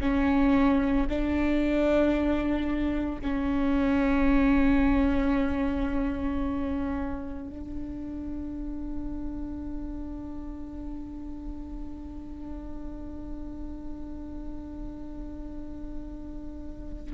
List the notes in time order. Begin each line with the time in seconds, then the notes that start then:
0.00 C#4
1.09 D4
3.21 C#4
7.50 D4